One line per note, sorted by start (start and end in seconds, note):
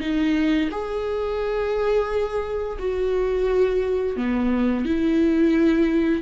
0.00 0.69 D#4
0.71 2.77 G#4
2.79 4.16 F#4
4.16 4.85 B3
4.85 6.22 E4